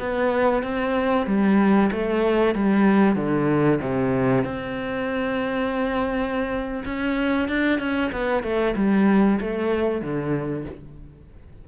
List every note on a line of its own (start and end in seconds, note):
0.00 0.63 B3
0.63 1.27 C4
1.27 1.91 G3
1.92 2.55 A3
2.55 3.16 G3
3.16 3.80 D3
3.82 4.45 C3
4.45 6.84 C4
6.85 7.49 C#4
7.49 7.80 D4
7.80 8.12 C#4
8.12 8.43 B3
8.43 8.75 A3
8.76 9.40 G3
9.41 10.02 A3
10.02 10.66 D3